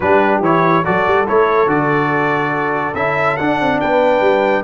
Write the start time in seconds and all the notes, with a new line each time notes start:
0.00 G3 D4 G4 B4
0.40 E3 E4 C#5
0.84 F#3 F#4 A4 D5
1.06 G3
1.26 A3 E4 C#5
1.66 D3 F#4 D5
2.94 C#4 E4 E5
3.36 D4 F#5
3.60 C4
3.80 B3 B4 G5
4.20 G3